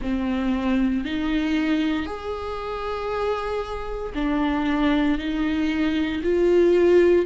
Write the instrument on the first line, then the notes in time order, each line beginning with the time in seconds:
viola
0.01 C4
1.04 D#4
2.05 G#4
4.14 D4
5.18 D#4
6.23 F4